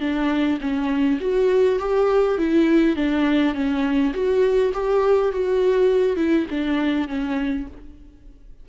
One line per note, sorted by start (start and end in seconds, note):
0.00 0.59 D4
0.61 1.20 C#4
1.20 1.79 F#4
1.79 2.38 G4
2.38 2.96 E4
2.96 3.54 D4
3.54 4.13 C#4
4.13 4.72 F#4
4.74 5.32 G4
5.32 6.16 F#4
6.16 6.46 E4
6.50 7.08 D4
7.08 7.67 C#4